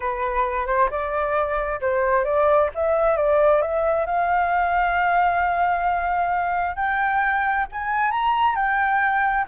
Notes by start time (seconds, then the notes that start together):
0.00 B4
0.66 C5
0.90 D5
1.80 C5
2.24 D5
2.75 E5
3.17 D5
3.61 E5
4.05 F5
6.76 G5
7.72 G#5
8.11 A#5
8.55 G5